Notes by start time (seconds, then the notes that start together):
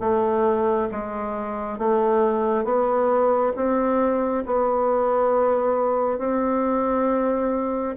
0.00 A3
0.91 G#3
1.78 A3
2.64 B3
3.56 C4
4.46 B3
6.18 C4